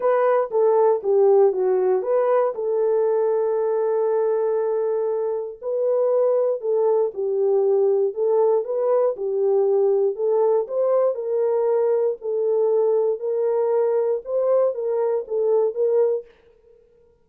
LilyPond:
\new Staff \with { instrumentName = "horn" } { \time 4/4 \tempo 4 = 118 b'4 a'4 g'4 fis'4 | b'4 a'2.~ | a'2. b'4~ | b'4 a'4 g'2 |
a'4 b'4 g'2 | a'4 c''4 ais'2 | a'2 ais'2 | c''4 ais'4 a'4 ais'4 | }